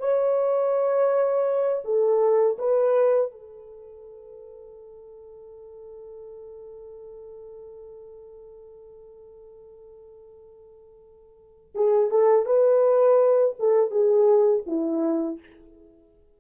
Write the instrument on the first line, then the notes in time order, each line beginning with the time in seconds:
horn
0.00 C#5
1.85 A4
2.59 B4
3.32 A4
11.75 G#4
12.11 A4
12.46 B4
13.59 A4
13.91 G#4
14.67 E4